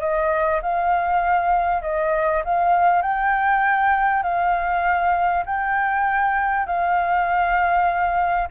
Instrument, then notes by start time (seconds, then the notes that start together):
flute
0.00 D#5
0.62 F5
1.82 D#5
2.44 F5
3.02 G5
4.23 F5
5.46 G5
6.66 F5